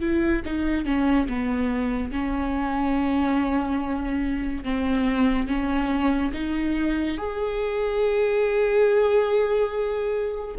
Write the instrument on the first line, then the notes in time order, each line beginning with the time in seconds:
viola
0.00 E4
0.45 D#4
0.85 C#4
1.28 B3
2.11 C#4
4.64 C4
5.47 C#4
6.33 D#4
7.18 G#4